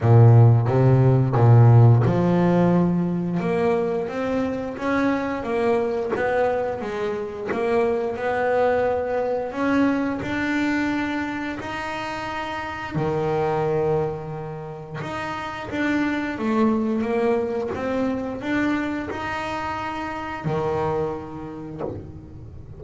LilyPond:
\new Staff \with { instrumentName = "double bass" } { \time 4/4 \tempo 4 = 88 ais,4 c4 ais,4 f4~ | f4 ais4 c'4 cis'4 | ais4 b4 gis4 ais4 | b2 cis'4 d'4~ |
d'4 dis'2 dis4~ | dis2 dis'4 d'4 | a4 ais4 c'4 d'4 | dis'2 dis2 | }